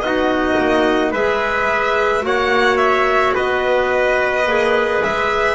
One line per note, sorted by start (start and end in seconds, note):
0.00 0.56 B3
0.00 1.14 D#4
0.00 1.11 F#4
0.00 1.11 D#5
0.58 1.12 A#3
1.11 2.22 G#3
1.11 2.21 G#4
1.11 2.22 B4
1.11 2.25 E5
2.21 3.34 A#3
2.21 4.43 F#4
2.21 3.34 C#5
2.21 2.77 F#5
2.77 3.32 E5
3.34 4.46 B3
3.34 5.54 B4
3.34 5.02 D#5
4.46 5.02 A#3
4.46 5.54 G#4
5.02 5.54 G#3
5.02 5.54 E5